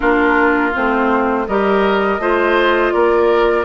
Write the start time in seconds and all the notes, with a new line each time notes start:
0.00 A#3 D4 F4 A#4
0.73 A3 C4 C5
1.47 G3 G4 A#4 D#5
2.18 A3 F4 C5
2.92 A#3 A#4 D5